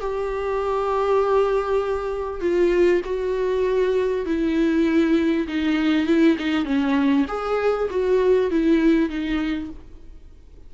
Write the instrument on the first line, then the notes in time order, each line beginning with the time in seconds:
viola
0.00 G4
2.40 F4
3.04 F#4
4.25 E4
5.48 D#4
6.06 E4
6.38 D#4
6.65 C#4
7.28 G#4
7.90 F#4
8.50 E4
9.09 D#4